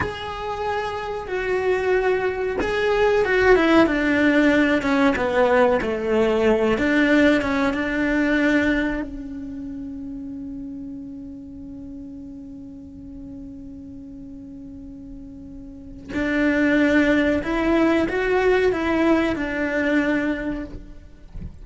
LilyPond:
\new Staff \with { instrumentName = "cello" } { \time 4/4 \tempo 4 = 93 gis'2 fis'2 | gis'4 fis'8 e'8 d'4. cis'8 | b4 a4. d'4 cis'8 | d'2 cis'2~ |
cis'1~ | cis'1~ | cis'4 d'2 e'4 | fis'4 e'4 d'2 | }